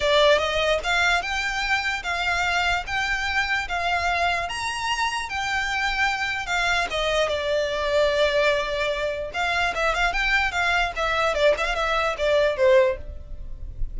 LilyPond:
\new Staff \with { instrumentName = "violin" } { \time 4/4 \tempo 4 = 148 d''4 dis''4 f''4 g''4~ | g''4 f''2 g''4~ | g''4 f''2 ais''4~ | ais''4 g''2. |
f''4 dis''4 d''2~ | d''2. f''4 | e''8 f''8 g''4 f''4 e''4 | d''8 e''16 f''16 e''4 d''4 c''4 | }